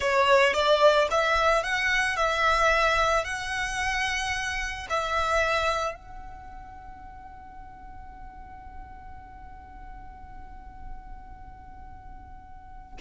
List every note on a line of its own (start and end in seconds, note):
0.00 0.53 C#5
0.53 1.07 D5
1.10 1.63 E5
1.63 2.16 F#5
2.16 3.24 E5
3.24 4.86 F#5
4.89 5.94 E5
5.94 12.97 F#5